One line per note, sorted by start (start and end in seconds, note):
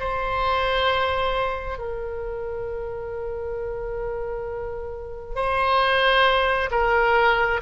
0.00 1.79 C5
1.79 5.36 A#4
5.36 6.70 C5
6.71 7.61 A#4